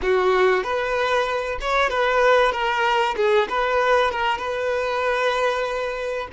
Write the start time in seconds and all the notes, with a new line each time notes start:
0.01 F#4
0.63 B4
1.60 C#5
1.89 B4
2.51 A#4
3.16 G#4
3.49 B4
4.11 A#4
4.38 B4